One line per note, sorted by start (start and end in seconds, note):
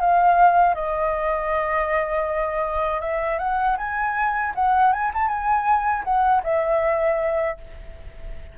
0.00 0.75 F5
0.75 3.01 D#5
3.01 3.38 E5
3.38 3.76 F#5
3.77 4.53 G#5
4.55 4.93 F#5
4.93 5.12 G#5
5.14 5.28 A5
5.28 6.04 G#5
6.04 6.42 F#5
6.43 7.57 E5